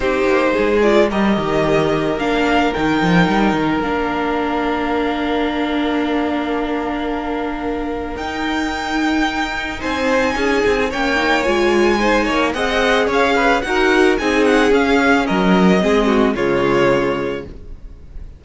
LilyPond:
<<
  \new Staff \with { instrumentName = "violin" } { \time 4/4 \tempo 4 = 110 c''4. d''8 dis''2 | f''4 g''2 f''4~ | f''1~ | f''2. g''4~ |
g''2 gis''2 | g''4 gis''2 fis''4 | f''4 fis''4 gis''8 fis''8 f''4 | dis''2 cis''2 | }
  \new Staff \with { instrumentName = "violin" } { \time 4/4 g'4 gis'4 ais'2~ | ais'1~ | ais'1~ | ais'1~ |
ais'2 c''4 gis'4 | cis''2 c''8 cis''8 dis''4 | cis''8 b'8 ais'4 gis'2 | ais'4 gis'8 fis'8 f'2 | }
  \new Staff \with { instrumentName = "viola" } { \time 4/4 dis'4. f'8 g'2 | d'4 dis'2 d'4~ | d'1~ | d'2. dis'4~ |
dis'1 | cis'8 dis'8 f'4 dis'4 gis'4~ | gis'4 fis'4 dis'4 cis'4~ | cis'4 c'4 gis2 | }
  \new Staff \with { instrumentName = "cello" } { \time 4/4 c'8 ais8 gis4 g8 dis4. | ais4 dis8 f8 g8 dis8 ais4~ | ais1~ | ais2. dis'4~ |
dis'2 c'4 cis'8 c'8 | ais4 gis4. ais8 c'4 | cis'4 dis'4 c'4 cis'4 | fis4 gis4 cis2 | }
>>